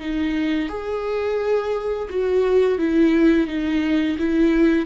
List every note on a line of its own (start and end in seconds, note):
0.00 0.69 D#4
0.69 2.08 G#4
2.09 2.78 F#4
2.78 3.47 E4
3.47 4.17 D#4
4.19 4.86 E4